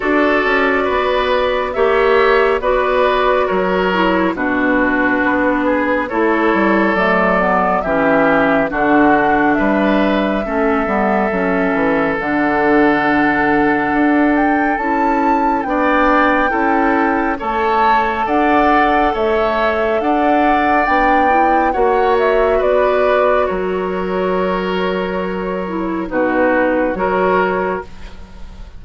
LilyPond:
<<
  \new Staff \with { instrumentName = "flute" } { \time 4/4 \tempo 4 = 69 d''2 e''4 d''4 | cis''4 b'2 cis''4 | d''4 e''4 fis''4 e''4~ | e''2 fis''2~ |
fis''8 g''8 a''4 g''2 | a''4 fis''4 e''4 fis''4 | g''4 fis''8 e''8 d''4 cis''4~ | cis''2 b'4 cis''4 | }
  \new Staff \with { instrumentName = "oboe" } { \time 4/4 a'4 b'4 cis''4 b'4 | ais'4 fis'4. gis'8 a'4~ | a'4 g'4 fis'4 b'4 | a'1~ |
a'2 d''4 a'4 | cis''4 d''4 cis''4 d''4~ | d''4 cis''4 b'4 ais'4~ | ais'2 fis'4 ais'4 | }
  \new Staff \with { instrumentName = "clarinet" } { \time 4/4 fis'2 g'4 fis'4~ | fis'8 e'8 d'2 e'4 | a8 b8 cis'4 d'2 | cis'8 b8 cis'4 d'2~ |
d'4 e'4 d'4 e'4 | a'1 | d'8 e'8 fis'2.~ | fis'4. e'8 dis'4 fis'4 | }
  \new Staff \with { instrumentName = "bassoon" } { \time 4/4 d'8 cis'8 b4 ais4 b4 | fis4 b,4 b4 a8 g8 | fis4 e4 d4 g4 | a8 g8 fis8 e8 d2 |
d'4 cis'4 b4 cis'4 | a4 d'4 a4 d'4 | b4 ais4 b4 fis4~ | fis2 b,4 fis4 | }
>>